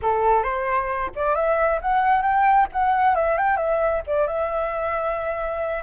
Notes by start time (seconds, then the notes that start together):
0.02 A4
0.43 C5
1.15 D5
1.35 E5
1.81 F#5
2.22 G5
2.72 F#5
3.15 E5
3.37 G5
3.57 E5
4.06 D5
4.27 E5